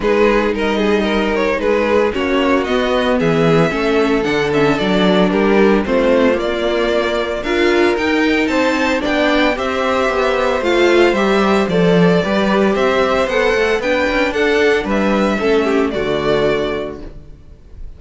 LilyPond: <<
  \new Staff \with { instrumentName = "violin" } { \time 4/4 \tempo 4 = 113 b'4 dis''4. cis''8 b'4 | cis''4 dis''4 e''2 | fis''8 e''8 d''4 ais'4 c''4 | d''2 f''4 g''4 |
a''4 g''4 e''2 | f''4 e''4 d''2 | e''4 fis''4 g''4 fis''4 | e''2 d''2 | }
  \new Staff \with { instrumentName = "violin" } { \time 4/4 gis'4 ais'8 gis'8 ais'4 gis'4 | fis'2 gis'4 a'4~ | a'2 g'4 f'4~ | f'2 ais'2 |
c''4 d''4 c''2~ | c''2. b'4 | c''2 b'4 a'4 | b'4 a'8 g'8 fis'2 | }
  \new Staff \with { instrumentName = "viola" } { \time 4/4 dis'1 | cis'4 b2 cis'4 | d'8 cis'8 d'2 c'4 | ais2 f'4 dis'4~ |
dis'4 d'4 g'2 | f'4 g'4 a'4 g'4~ | g'4 a'4 d'2~ | d'4 cis'4 a2 | }
  \new Staff \with { instrumentName = "cello" } { \time 4/4 gis4 g2 gis4 | ais4 b4 e4 a4 | d4 fis4 g4 a4 | ais2 d'4 dis'4 |
c'4 b4 c'4 b4 | a4 g4 f4 g4 | c'4 b8 a8 b8 cis'8 d'4 | g4 a4 d2 | }
>>